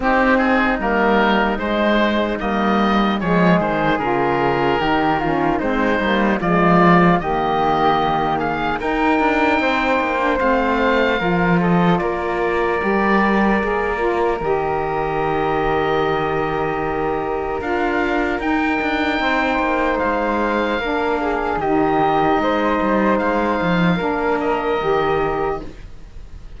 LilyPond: <<
  \new Staff \with { instrumentName = "oboe" } { \time 4/4 \tempo 4 = 75 g'8 gis'8 ais'4 c''4 dis''4 | cis''8 c''8 ais'2 c''4 | d''4 dis''4. f''8 g''4~ | g''4 f''4. dis''8 d''4~ |
d''2 dis''2~ | dis''2 f''4 g''4~ | g''4 f''2 dis''4~ | dis''4 f''4. dis''4. | }
  \new Staff \with { instrumentName = "flute" } { \time 4/4 dis'1 | gis'2 g'8 f'8 dis'4 | f'4 g'4. gis'8 ais'4 | c''2 ais'8 a'8 ais'4~ |
ais'1~ | ais'1 | c''2 ais'8 gis'8 g'4 | c''2 ais'2 | }
  \new Staff \with { instrumentName = "saxophone" } { \time 4/4 c'4 ais4 gis4 ais4 | gis4 f'4 dis'8 cis'8 c'8 ais8 | gis4 ais2 dis'4~ | dis'8. d'16 c'4 f'2 |
g'4 gis'8 f'8 g'2~ | g'2 f'4 dis'4~ | dis'2 d'4 dis'4~ | dis'2 d'4 g'4 | }
  \new Staff \with { instrumentName = "cello" } { \time 4/4 c'4 g4 gis4 g4 | f8 dis8 cis4 dis4 gis8 g8 | f4 dis2 dis'8 d'8 | c'8 ais8 a4 f4 ais4 |
g4 ais4 dis2~ | dis2 d'4 dis'8 d'8 | c'8 ais8 gis4 ais4 dis4 | gis8 g8 gis8 f8 ais4 dis4 | }
>>